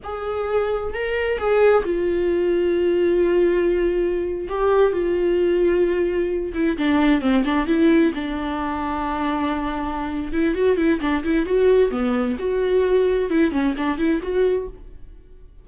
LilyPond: \new Staff \with { instrumentName = "viola" } { \time 4/4 \tempo 4 = 131 gis'2 ais'4 gis'4 | f'1~ | f'4.~ f'16 g'4 f'4~ f'16~ | f'2~ f'16 e'8 d'4 c'16~ |
c'16 d'8 e'4 d'2~ d'16~ | d'2~ d'8 e'8 fis'8 e'8 | d'8 e'8 fis'4 b4 fis'4~ | fis'4 e'8 cis'8 d'8 e'8 fis'4 | }